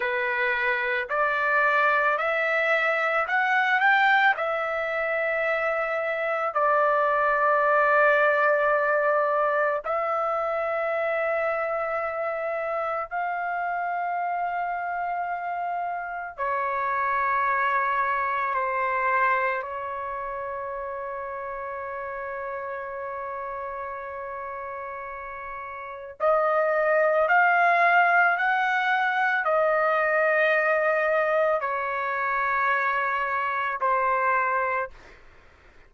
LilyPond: \new Staff \with { instrumentName = "trumpet" } { \time 4/4 \tempo 4 = 55 b'4 d''4 e''4 fis''8 g''8 | e''2 d''2~ | d''4 e''2. | f''2. cis''4~ |
cis''4 c''4 cis''2~ | cis''1 | dis''4 f''4 fis''4 dis''4~ | dis''4 cis''2 c''4 | }